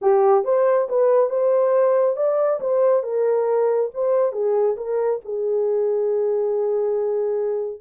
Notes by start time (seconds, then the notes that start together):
0.01 G4
0.44 C5
0.89 B4
1.29 C5
2.16 D5
2.60 C5
3.03 A#4
3.94 C5
4.32 G#4
4.76 A#4
5.25 G#4